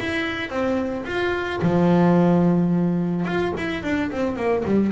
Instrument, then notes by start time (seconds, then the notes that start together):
double bass
0.00 E4
0.50 C4
1.05 F4
1.62 F3
3.26 F4
3.58 E4
3.84 D4
4.12 C4
4.37 A#3
4.65 G3